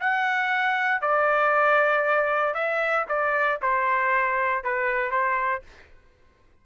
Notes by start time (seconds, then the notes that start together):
0.00 F#5
1.01 D5
2.54 E5
3.08 D5
3.62 C5
4.64 B4
5.11 C5